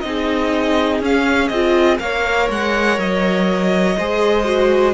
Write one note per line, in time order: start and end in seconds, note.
0.00 1.00 C4
0.00 1.02 D#4
0.00 0.98 D#5
0.07 2.02 G#4
1.00 1.49 C#4
1.00 1.51 C#4
1.00 1.48 F5
1.48 1.99 C4
1.48 1.98 F4
1.48 1.97 D#5
1.98 2.49 A#3
1.98 3.95 A#4
1.98 3.97 C#5
1.98 2.48 F5
2.50 2.98 G#3
2.50 2.99 F#5
2.98 3.97 F#3
2.98 4.94 D#5
3.97 4.94 G#3
3.97 4.44 G#4
3.97 4.94 C5
4.44 4.94 F#4